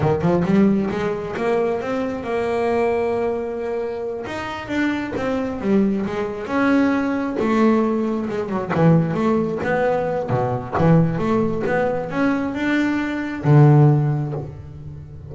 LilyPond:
\new Staff \with { instrumentName = "double bass" } { \time 4/4 \tempo 4 = 134 dis8 f8 g4 gis4 ais4 | c'4 ais2.~ | ais4. dis'4 d'4 c'8~ | c'8 g4 gis4 cis'4.~ |
cis'8 a2 gis8 fis8 e8~ | e8 a4 b4. b,4 | e4 a4 b4 cis'4 | d'2 d2 | }